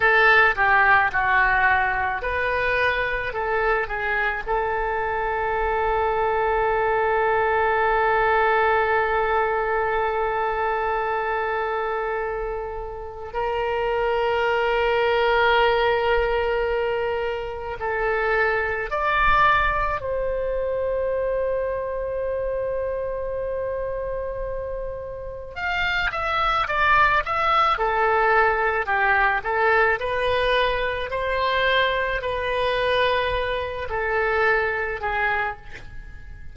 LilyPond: \new Staff \with { instrumentName = "oboe" } { \time 4/4 \tempo 4 = 54 a'8 g'8 fis'4 b'4 a'8 gis'8 | a'1~ | a'1 | ais'1 |
a'4 d''4 c''2~ | c''2. f''8 e''8 | d''8 e''8 a'4 g'8 a'8 b'4 | c''4 b'4. a'4 gis'8 | }